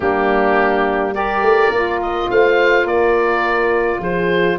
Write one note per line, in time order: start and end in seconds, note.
0.00 1.41 G3
0.00 1.14 A#3
0.00 1.13 D4
0.00 1.14 G4
1.13 1.71 G4
1.13 2.27 A#4
1.13 2.00 D5
1.41 1.70 A3
1.70 2.27 A#3
1.70 4.58 F4
2.02 2.30 D#5
2.29 2.84 A3
2.29 2.84 C5
2.29 2.87 F5
2.84 3.98 A#3
2.84 3.99 A#4
2.84 4.01 D5
3.99 4.56 F3
3.99 4.57 G#4
3.99 4.58 C5